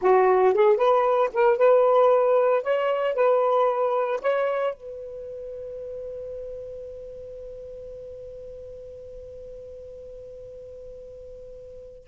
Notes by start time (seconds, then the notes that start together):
0.01 F#4
0.54 G#4
0.76 B4
1.33 A#4
1.57 B4
2.62 C#5
3.14 B4
4.21 C#5
4.73 B4